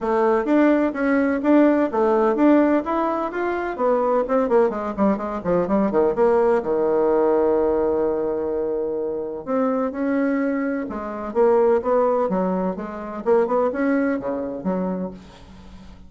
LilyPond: \new Staff \with { instrumentName = "bassoon" } { \time 4/4 \tempo 4 = 127 a4 d'4 cis'4 d'4 | a4 d'4 e'4 f'4 | b4 c'8 ais8 gis8 g8 gis8 f8 | g8 dis8 ais4 dis2~ |
dis1 | c'4 cis'2 gis4 | ais4 b4 fis4 gis4 | ais8 b8 cis'4 cis4 fis4 | }